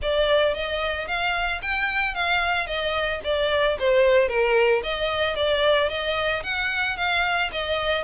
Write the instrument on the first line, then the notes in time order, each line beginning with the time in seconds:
violin
0.02 D5
0.54 D#5
1.07 F5
1.62 G5
2.14 F5
2.66 D#5
3.23 D5
3.79 C5
4.28 A#4
4.83 D#5
5.35 D5
5.89 D#5
6.43 F#5
6.96 F5
7.51 D#5